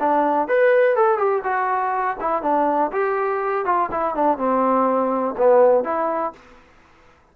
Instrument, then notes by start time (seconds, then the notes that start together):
trombone
0.00 D4
0.48 B4
0.96 A4
1.18 G4
1.44 F#4
2.21 E4
2.43 D4
2.92 G4
3.66 F4
3.92 E4
4.15 D4
4.38 C4
5.38 B3
5.84 E4